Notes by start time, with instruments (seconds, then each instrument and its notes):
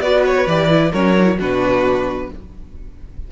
0.00 cello B3, viola F#4, violin B4 D5
0.26 violin C#5
0.47 cello E3, viola G4, violin D5
0.69 viola E4
0.91 cello F#3, viola C#4, violin A#4 C#5
1.17 viola D4
1.24 viola E4
1.39 cello B2, viola D4, violin F#4 B4